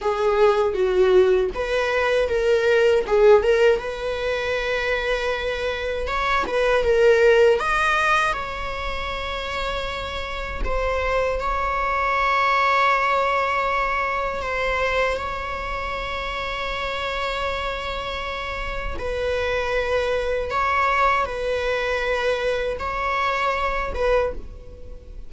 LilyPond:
\new Staff \with { instrumentName = "viola" } { \time 4/4 \tempo 4 = 79 gis'4 fis'4 b'4 ais'4 | gis'8 ais'8 b'2. | cis''8 b'8 ais'4 dis''4 cis''4~ | cis''2 c''4 cis''4~ |
cis''2. c''4 | cis''1~ | cis''4 b'2 cis''4 | b'2 cis''4. b'8 | }